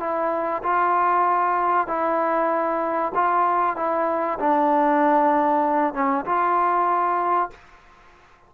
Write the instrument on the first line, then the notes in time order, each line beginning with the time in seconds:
trombone
0.00 E4
0.63 F4
1.88 E4
3.15 F4
3.77 E4
4.40 D4
5.94 C#4
6.26 F4